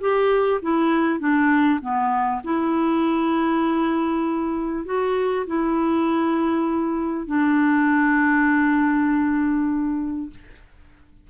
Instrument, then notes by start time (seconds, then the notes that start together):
clarinet
0.00 G4
0.61 E4
1.19 D4
1.81 B3
2.44 E4
4.85 F#4
5.46 E4
7.26 D4